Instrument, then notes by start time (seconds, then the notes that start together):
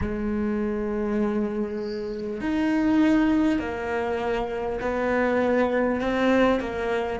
cello
0.01 G#3
2.41 D#4
3.59 A#3
4.81 B3
6.00 C4
6.60 A#3